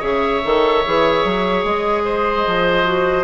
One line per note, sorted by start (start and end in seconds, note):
0.00 0.43 C#3
0.00 0.41 G#4
0.00 2.03 C#5
0.00 1.65 E5
0.44 0.85 D#3
0.44 0.85 A4
0.86 1.25 E3
0.86 2.85 G#4
1.25 1.64 F#3
1.64 2.45 G#3
1.64 3.24 D#5
2.05 3.24 C5
2.46 3.24 F3
2.85 3.24 F#4